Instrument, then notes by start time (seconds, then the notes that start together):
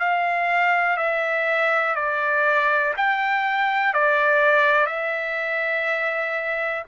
trumpet
0.00 F5
0.97 E5
1.95 D5
2.97 G5
3.94 D5
4.87 E5